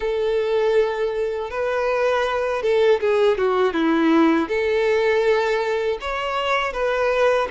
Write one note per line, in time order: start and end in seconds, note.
0.00 1.50 A4
1.50 2.62 B4
2.62 3.00 A4
3.00 3.37 G#4
3.37 3.73 F#4
3.73 4.48 E4
4.48 5.98 A4
6.00 6.73 C#5
6.73 7.48 B4